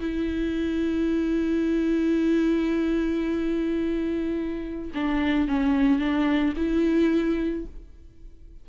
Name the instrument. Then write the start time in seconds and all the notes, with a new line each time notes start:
viola
0.00 E4
4.94 D4
5.48 C#4
5.99 D4
6.56 E4